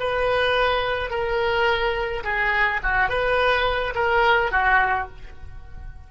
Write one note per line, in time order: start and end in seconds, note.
0.00 1.10 B4
1.10 2.24 A#4
2.24 2.81 G#4
2.83 3.09 F#4
3.09 3.94 B4
3.95 4.52 A#4
4.52 5.08 F#4